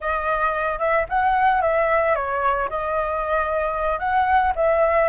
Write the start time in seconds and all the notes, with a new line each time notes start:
0.00 D#5
0.78 E5
1.09 F#5
1.61 E5
2.15 C#5
2.69 D#5
3.99 F#5
4.55 E5